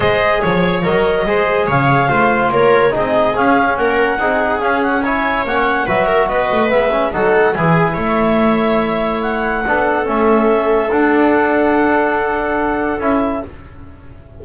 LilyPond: <<
  \new Staff \with { instrumentName = "clarinet" } { \time 4/4 \tempo 4 = 143 dis''4 cis''4 dis''2 | f''2 cis''4 dis''4 | f''4 fis''2 f''8 fis''8 | gis''4 fis''4 e''4 dis''4 |
e''4 fis''4 gis''4 e''4~ | e''2 fis''2 | e''2 fis''2~ | fis''2. e''4 | }
  \new Staff \with { instrumentName = "viola" } { \time 4/4 c''4 cis''2 c''4 | cis''4 c''4 ais'4 gis'4~ | gis'4 ais'4 gis'2 | cis''2 b'8 ais'8 b'4~ |
b'4 a'4 gis'4 cis''4~ | cis''2. a'4~ | a'1~ | a'1 | }
  \new Staff \with { instrumentName = "trombone" } { \time 4/4 gis'2 ais'4 gis'4~ | gis'4 f'2 dis'4 | cis'2 dis'4 cis'4 | e'4 cis'4 fis'2 |
b8 cis'8 dis'4 e'2~ | e'2. d'4 | cis'2 d'2~ | d'2. e'4 | }
  \new Staff \with { instrumentName = "double bass" } { \time 4/4 gis4 f4 fis4 gis4 | cis4 a4 ais4 c'4 | cis'4 ais4 c'4 cis'4~ | cis'4 ais4 fis4 b8 a8 |
gis4 fis4 e4 a4~ | a2. b4 | a2 d'2~ | d'2. cis'4 | }
>>